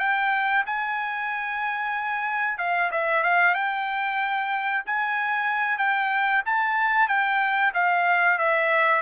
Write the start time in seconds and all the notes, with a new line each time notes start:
0.00 G5
0.66 G#5
2.59 F5
2.92 E5
3.23 F5
3.55 G5
4.86 G#5
5.78 G5
6.46 A5
7.08 G5
7.74 F5
8.39 E5